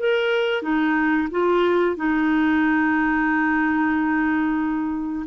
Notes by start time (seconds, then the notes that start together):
0.00 A#4
0.63 D#4
1.31 F4
1.97 D#4